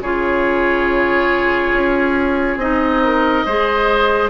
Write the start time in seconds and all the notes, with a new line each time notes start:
0.00 C#3 F4 G#4 C#5
1.73 C#4
2.57 C4 D#4 D#5
3.04 A#4
3.45 G#3 G#4 C5